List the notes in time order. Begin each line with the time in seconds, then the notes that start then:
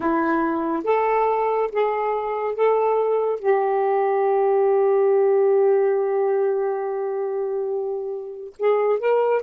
0.00 E4
0.84 A4
1.72 G#4
2.54 A4
3.39 G4
8.59 G#4
8.99 A#4